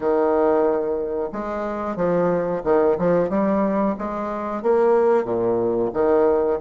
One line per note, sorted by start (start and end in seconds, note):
0.00 1.29 D#3
1.32 1.96 G#3
1.96 2.62 F3
2.63 2.96 D#3
2.98 3.29 F3
3.29 3.95 G3
3.98 4.62 G#3
4.62 5.24 A#3
5.24 5.90 A#2
5.93 6.59 D#3